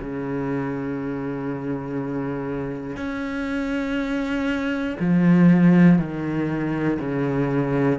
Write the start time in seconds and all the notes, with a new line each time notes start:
0.00 C#3
2.97 C#4
5.00 F3
5.99 D#3
7.00 C#3